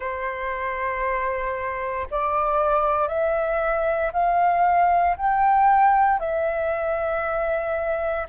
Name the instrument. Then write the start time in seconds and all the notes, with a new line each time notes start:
flute
0.00 C5
2.10 D5
3.08 E5
4.12 F5
5.17 G5
6.19 E5